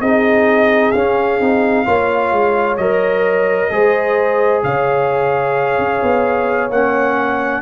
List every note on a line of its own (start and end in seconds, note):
0.00 0.92 C4
0.00 0.95 D#4
0.00 1.85 G#4
0.00 0.92 D#5
0.92 1.40 C#4
0.92 1.41 C#4
0.92 2.76 F5
1.40 1.87 C4
1.40 1.85 D#4
1.85 2.32 A#3
1.85 2.78 F4
1.85 3.70 C#5
2.32 2.77 G#3
2.77 3.70 F#3
2.77 3.71 A#4
2.77 4.62 D#5
3.71 4.63 G#3
3.71 6.71 G#4
3.71 4.64 C5
4.63 5.78 C#3
4.63 7.62 C#5
4.63 6.71 F5
5.78 6.01 C#4
6.02 6.70 B3
6.70 7.62 A#3
6.70 7.62 C#4
6.70 7.62 F#5